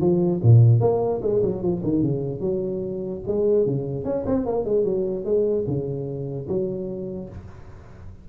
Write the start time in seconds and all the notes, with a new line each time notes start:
0.00 F3
0.42 A#2
0.80 A#3
1.22 G#3
1.42 F#3
1.62 F3
1.83 D#3
2.02 C#3
2.40 F#3
3.27 G#3
3.66 C#3
4.04 C#4
4.26 C4
4.45 A#3
4.64 G#3
4.84 F#3
5.24 G#3
5.67 C#3
6.48 F#3